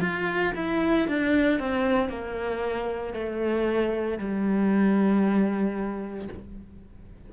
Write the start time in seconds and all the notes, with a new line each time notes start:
0.00 F4
0.55 E4
1.08 D4
1.59 C4
2.09 A#3
3.13 A3
4.18 G3